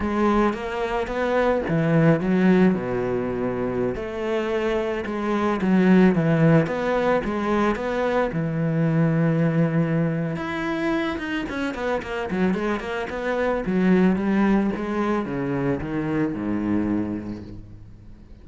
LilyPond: \new Staff \with { instrumentName = "cello" } { \time 4/4 \tempo 4 = 110 gis4 ais4 b4 e4 | fis4 b,2~ b,16 a8.~ | a4~ a16 gis4 fis4 e8.~ | e16 b4 gis4 b4 e8.~ |
e2. e'4~ | e'8 dis'8 cis'8 b8 ais8 fis8 gis8 ais8 | b4 fis4 g4 gis4 | cis4 dis4 gis,2 | }